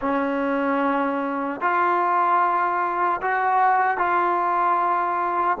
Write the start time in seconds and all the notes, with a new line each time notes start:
0.01 C#4
1.60 F4
3.21 F#4
3.97 F4